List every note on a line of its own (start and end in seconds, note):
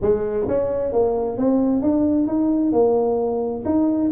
0.01 0.47 G#3
0.48 0.92 C#4
0.92 1.37 A#3
1.37 1.82 C4
1.82 2.27 D4
2.27 2.72 D#4
2.72 3.63 A#3
3.65 4.11 D#4